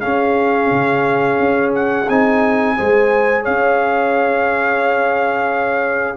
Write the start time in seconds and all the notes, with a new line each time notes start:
0.00 C#4 G#4 F5
0.71 C#3
1.39 C#4
1.75 F#5
2.09 C4 D#4 G#5
2.76 G#3 G#4 C5
3.42 C#4 C#5 F5